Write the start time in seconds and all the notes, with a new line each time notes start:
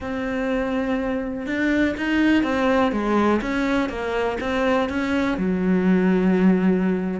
0.00 C4
1.46 D4
1.97 D#4
2.43 C4
2.92 G#3
3.41 C#4
3.89 A#3
4.40 C4
4.89 C#4
5.37 F#3